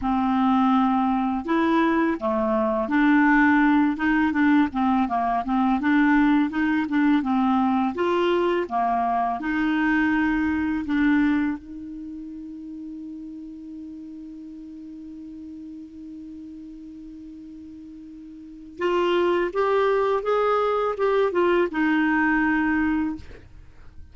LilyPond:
\new Staff \with { instrumentName = "clarinet" } { \time 4/4 \tempo 4 = 83 c'2 e'4 a4 | d'4. dis'8 d'8 c'8 ais8 c'8 | d'4 dis'8 d'8 c'4 f'4 | ais4 dis'2 d'4 |
dis'1~ | dis'1~ | dis'2 f'4 g'4 | gis'4 g'8 f'8 dis'2 | }